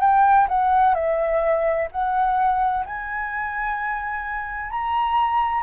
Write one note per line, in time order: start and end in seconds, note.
0.00 0.47 G5
0.48 0.94 F#5
0.94 1.87 E5
1.91 2.85 F#5
2.85 4.70 G#5
4.70 5.63 A#5